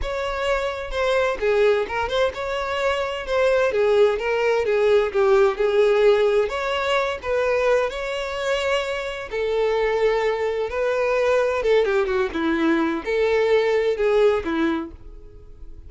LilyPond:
\new Staff \with { instrumentName = "violin" } { \time 4/4 \tempo 4 = 129 cis''2 c''4 gis'4 | ais'8 c''8 cis''2 c''4 | gis'4 ais'4 gis'4 g'4 | gis'2 cis''4. b'8~ |
b'4 cis''2. | a'2. b'4~ | b'4 a'8 g'8 fis'8 e'4. | a'2 gis'4 e'4 | }